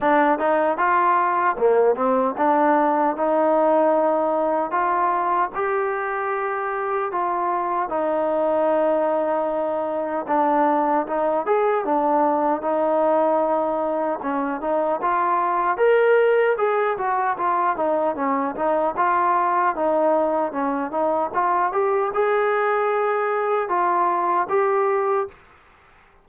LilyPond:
\new Staff \with { instrumentName = "trombone" } { \time 4/4 \tempo 4 = 76 d'8 dis'8 f'4 ais8 c'8 d'4 | dis'2 f'4 g'4~ | g'4 f'4 dis'2~ | dis'4 d'4 dis'8 gis'8 d'4 |
dis'2 cis'8 dis'8 f'4 | ais'4 gis'8 fis'8 f'8 dis'8 cis'8 dis'8 | f'4 dis'4 cis'8 dis'8 f'8 g'8 | gis'2 f'4 g'4 | }